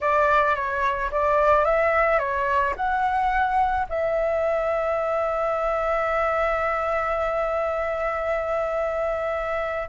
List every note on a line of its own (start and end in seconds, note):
0.01 0.55 D5
0.55 1.10 C#5
1.11 1.64 D5
1.64 2.19 E5
2.19 2.74 C#5
2.76 3.86 F#5
3.89 9.89 E5